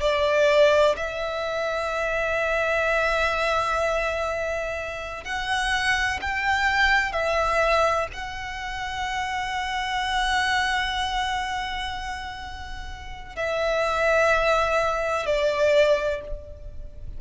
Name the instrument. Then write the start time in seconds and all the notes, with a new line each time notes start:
violin
0.00 D5
0.96 E5
5.24 F#5
6.21 G5
7.12 E5
8.13 F#5
13.35 E5
15.26 D5